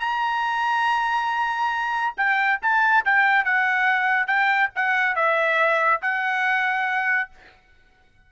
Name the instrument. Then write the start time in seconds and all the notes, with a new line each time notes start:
trumpet
0.00 A#5
2.17 G5
2.62 A5
3.05 G5
3.45 F#5
4.27 G5
4.76 F#5
5.15 E5
6.02 F#5